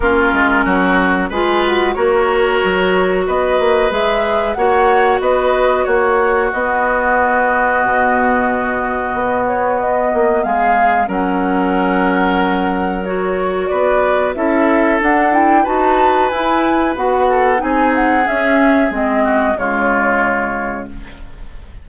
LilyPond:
<<
  \new Staff \with { instrumentName = "flute" } { \time 4/4 \tempo 4 = 92 ais'2 gis'8 fis'8 cis''4~ | cis''4 dis''4 e''4 fis''4 | dis''4 cis''4 dis''2~ | dis''2~ dis''8 cis''8 dis''4 |
f''4 fis''2. | cis''4 d''4 e''4 fis''8 g''8 | a''4 gis''4 fis''4 gis''8 fis''8 | e''4 dis''4 cis''2 | }
  \new Staff \with { instrumentName = "oboe" } { \time 4/4 f'4 fis'4 b'4 ais'4~ | ais'4 b'2 cis''4 | b'4 fis'2.~ | fis'1 |
gis'4 ais'2.~ | ais'4 b'4 a'2 | b'2~ b'8 a'8 gis'4~ | gis'4. fis'8 f'2 | }
  \new Staff \with { instrumentName = "clarinet" } { \time 4/4 cis'2 f'4 fis'4~ | fis'2 gis'4 fis'4~ | fis'2 b2~ | b1~ |
b4 cis'2. | fis'2 e'4 d'8 e'8 | fis'4 e'4 fis'4 dis'4 | cis'4 c'4 gis2 | }
  \new Staff \with { instrumentName = "bassoon" } { \time 4/4 ais8 gis8 fis4 gis4 ais4 | fis4 b8 ais8 gis4 ais4 | b4 ais4 b2 | b,2 b4. ais8 |
gis4 fis2.~ | fis4 b4 cis'4 d'4 | dis'4 e'4 b4 c'4 | cis'4 gis4 cis2 | }
>>